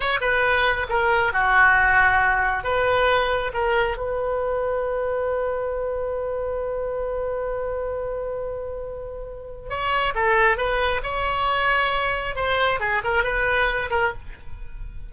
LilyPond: \new Staff \with { instrumentName = "oboe" } { \time 4/4 \tempo 4 = 136 cis''8 b'4. ais'4 fis'4~ | fis'2 b'2 | ais'4 b'2.~ | b'1~ |
b'1~ | b'2 cis''4 a'4 | b'4 cis''2. | c''4 gis'8 ais'8 b'4. ais'8 | }